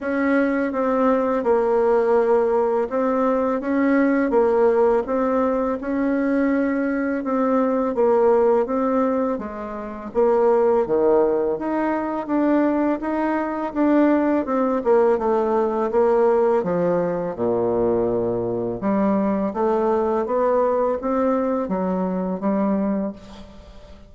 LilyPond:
\new Staff \with { instrumentName = "bassoon" } { \time 4/4 \tempo 4 = 83 cis'4 c'4 ais2 | c'4 cis'4 ais4 c'4 | cis'2 c'4 ais4 | c'4 gis4 ais4 dis4 |
dis'4 d'4 dis'4 d'4 | c'8 ais8 a4 ais4 f4 | ais,2 g4 a4 | b4 c'4 fis4 g4 | }